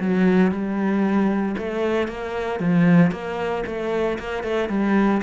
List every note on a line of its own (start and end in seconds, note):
0.00 0.51 F#3
0.51 1.55 G3
1.57 2.08 A3
2.08 2.60 A#3
2.60 3.11 F3
3.11 3.63 A#3
3.66 4.18 A3
4.19 4.43 A#3
4.43 4.69 A3
4.69 5.21 G3